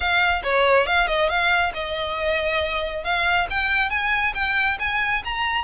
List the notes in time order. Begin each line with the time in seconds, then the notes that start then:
0.00 F5
0.43 C#5
0.86 F5
1.07 D#5
1.29 F5
1.74 D#5
3.03 F5
3.49 G5
3.90 G#5
4.34 G5
4.79 G#5
5.24 A#5